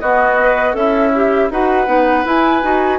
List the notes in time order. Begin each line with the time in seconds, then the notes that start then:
0.00 B3 F#4 D#5
0.41 B4
0.74 C#4 E4 A4 E5
1.15 G4
1.51 D#4 F#4 B4 F#5
1.86 B3 D#4
2.25 E4 G#5
2.62 D#4 F#4